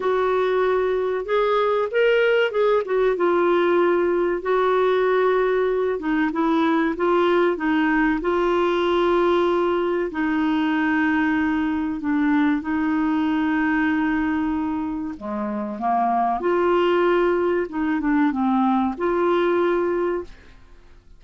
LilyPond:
\new Staff \with { instrumentName = "clarinet" } { \time 4/4 \tempo 4 = 95 fis'2 gis'4 ais'4 | gis'8 fis'8 f'2 fis'4~ | fis'4. dis'8 e'4 f'4 | dis'4 f'2. |
dis'2. d'4 | dis'1 | gis4 ais4 f'2 | dis'8 d'8 c'4 f'2 | }